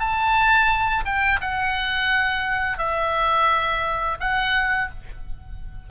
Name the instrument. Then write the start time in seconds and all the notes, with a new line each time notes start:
oboe
0.00 A5
1.06 G5
1.41 F#5
2.78 E5
4.21 F#5